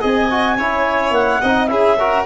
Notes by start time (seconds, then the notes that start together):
0.00 C4 G#4 D#5 G#5
0.30 F#4
0.57 C#4 E4 C#5
1.11 A#3 F#5
1.41 C4 D#4 D#5
1.66 C#4 E4 G#4 E5
1.99 F#4 A#4